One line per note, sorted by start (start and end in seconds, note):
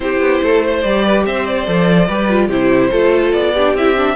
0.00 0.20 C4
0.00 0.83 E4
0.00 0.43 G4
0.00 0.81 C5
0.20 0.40 B3
0.43 0.84 A3
0.43 0.64 A4
0.64 1.04 C5
0.81 1.26 G3
0.81 1.66 G4
0.81 1.23 D5
1.04 1.25 B4
1.26 1.67 C4
1.26 2.07 C5
1.26 1.46 E5
1.46 2.50 D5
1.66 2.09 F3
1.66 2.08 A4
2.07 2.48 G3
2.07 2.29 G4
2.07 2.47 B4
2.29 2.50 F4
2.47 2.90 C3
2.47 2.91 E4
2.47 2.88 G4
2.47 3.32 C5
2.91 3.32 A3
2.91 3.53 F4
2.91 3.53 A4
3.32 3.74 B3
3.32 3.74 D5
3.53 3.77 D4
3.53 4.16 G4
3.74 4.16 C4
3.74 3.96 E4
3.74 4.16 E5
3.96 4.16 D4